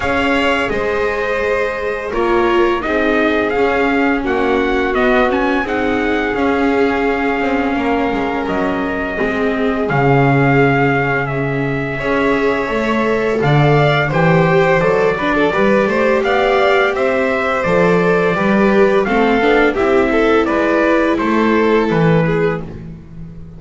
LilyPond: <<
  \new Staff \with { instrumentName = "trumpet" } { \time 4/4 \tempo 4 = 85 f''4 dis''2 cis''4 | dis''4 f''4 fis''4 dis''8 gis''8 | fis''4 f''2. | dis''2 f''2 |
e''2. f''4 | g''4 d''2 f''4 | e''4 d''2 f''4 | e''4 d''4 c''4 b'4 | }
  \new Staff \with { instrumentName = "violin" } { \time 4/4 cis''4 c''2 ais'4 | gis'2 fis'2 | gis'2. ais'4~ | ais'4 gis'2.~ |
gis'4 cis''2 d''4 | c''4. b'16 a'16 b'8 c''8 d''4 | c''2 b'4 a'4 | g'8 a'8 b'4 a'4. gis'8 | }
  \new Staff \with { instrumentName = "viola" } { \time 4/4 gis'2. f'4 | dis'4 cis'2 b8 cis'8 | dis'4 cis'2.~ | cis'4 c'4 cis'2~ |
cis'4 gis'4 a'2 | g'4 a'8 d'8 g'2~ | g'4 a'4 g'4 c'8 d'8 | e'1 | }
  \new Staff \with { instrumentName = "double bass" } { \time 4/4 cis'4 gis2 ais4 | c'4 cis'4 ais4 b4 | c'4 cis'4. c'8 ais8 gis8 | fis4 gis4 cis2~ |
cis4 cis'4 a4 d4 | e4 fis4 g8 a8 b4 | c'4 f4 g4 a8 b8 | c'4 gis4 a4 e4 | }
>>